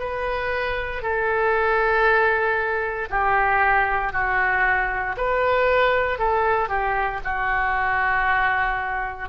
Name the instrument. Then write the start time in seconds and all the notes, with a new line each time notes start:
oboe
0.00 B4
1.03 A4
3.10 G4
4.13 F#4
5.17 B4
6.19 A4
6.69 G4
7.25 F#4